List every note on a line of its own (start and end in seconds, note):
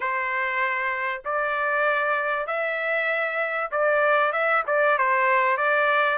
0.00 1.23 C5
1.24 2.46 D5
2.46 3.70 E5
3.71 4.32 D5
4.32 4.63 E5
4.66 4.97 D5
4.98 5.57 C5
5.57 6.18 D5